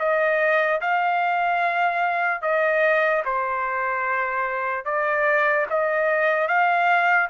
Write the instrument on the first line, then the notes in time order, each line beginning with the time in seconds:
trumpet
0.00 D#5
0.81 F5
2.43 D#5
3.26 C5
4.86 D5
5.70 D#5
6.48 F5